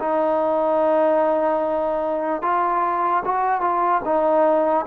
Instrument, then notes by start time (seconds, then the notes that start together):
trombone
0.00 D#4
2.43 F4
3.25 F#4
3.61 F4
4.05 D#4